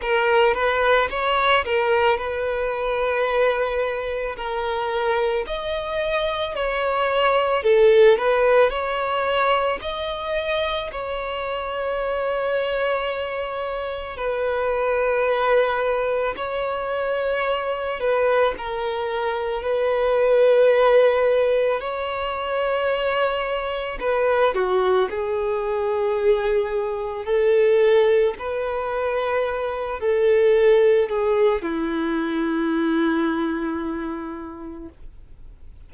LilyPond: \new Staff \with { instrumentName = "violin" } { \time 4/4 \tempo 4 = 55 ais'8 b'8 cis''8 ais'8 b'2 | ais'4 dis''4 cis''4 a'8 b'8 | cis''4 dis''4 cis''2~ | cis''4 b'2 cis''4~ |
cis''8 b'8 ais'4 b'2 | cis''2 b'8 fis'8 gis'4~ | gis'4 a'4 b'4. a'8~ | a'8 gis'8 e'2. | }